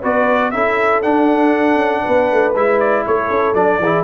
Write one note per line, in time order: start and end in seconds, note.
0.00 0.53 B3
0.00 0.52 F#4
0.00 0.50 B4
0.00 0.50 D5
0.50 1.04 C#4
0.50 1.03 E4
0.50 2.03 A4
0.50 1.01 E5
1.02 2.54 D4
1.02 1.75 D4
1.02 2.53 F#5
1.75 2.00 C#4
2.03 2.31 B3
2.03 3.03 B4
2.31 2.55 A3
2.55 3.06 G#3
2.55 3.54 E4
2.55 2.79 E5
2.79 3.04 D5
3.06 3.30 A3
3.06 3.81 A4
3.06 3.54 C#5
3.30 3.53 C#4
3.53 3.78 F#3
3.53 3.80 D4
3.53 4.04 D5
3.78 4.04 E3
3.78 4.04 G#4
3.85 4.04 E4